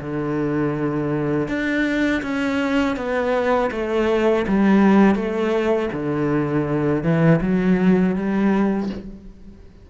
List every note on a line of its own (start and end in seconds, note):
0.00 1.48 D3
1.48 2.22 D4
2.22 2.96 C#4
2.96 3.70 B3
3.71 4.45 A3
4.47 5.15 G3
5.15 5.89 A3
5.93 7.03 D3
7.03 7.40 E3
7.41 8.15 F#3
8.15 8.89 G3